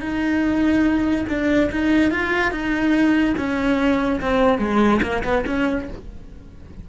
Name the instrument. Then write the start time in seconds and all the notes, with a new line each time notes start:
cello
0.00 D#4
1.28 D4
1.71 D#4
2.11 F4
2.51 D#4
3.37 C#4
4.20 C4
4.58 G#3
5.02 A#3
5.24 B3
5.46 C#4